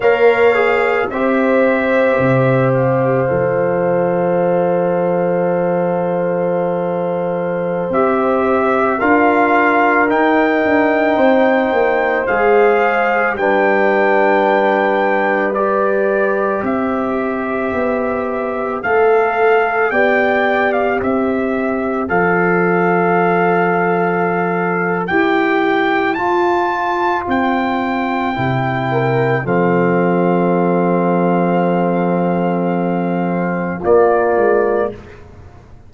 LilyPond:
<<
  \new Staff \with { instrumentName = "trumpet" } { \time 4/4 \tempo 4 = 55 f''4 e''4. f''4.~ | f''2.~ f''16 e''8.~ | e''16 f''4 g''2 f''8.~ | f''16 g''2 d''4 e''8.~ |
e''4~ e''16 f''4 g''8. f''16 e''8.~ | e''16 f''2~ f''8. g''4 | a''4 g''2 f''4~ | f''2. d''4 | }
  \new Staff \with { instrumentName = "horn" } { \time 4/4 cis''4 c''2.~ | c''1~ | c''16 ais'2 c''4.~ c''16~ | c''16 b'2. c''8.~ |
c''2~ c''16 d''4 c''8.~ | c''1~ | c''2~ c''8 ais'8 a'4~ | a'2. f'4 | }
  \new Staff \with { instrumentName = "trombone" } { \time 4/4 ais'8 gis'8 g'2 a'4~ | a'2.~ a'16 g'8.~ | g'16 f'4 dis'2 gis'8.~ | gis'16 d'2 g'4.~ g'16~ |
g'4~ g'16 a'4 g'4.~ g'16~ | g'16 a'2~ a'8. g'4 | f'2 e'4 c'4~ | c'2. ais4 | }
  \new Staff \with { instrumentName = "tuba" } { \time 4/4 ais4 c'4 c4 f4~ | f2.~ f16 c'8.~ | c'16 d'4 dis'8 d'8 c'8 ais8 gis8.~ | gis16 g2. c'8.~ |
c'16 b4 a4 b4 c'8.~ | c'16 f2~ f8. e'4 | f'4 c'4 c4 f4~ | f2. ais8 gis8 | }
>>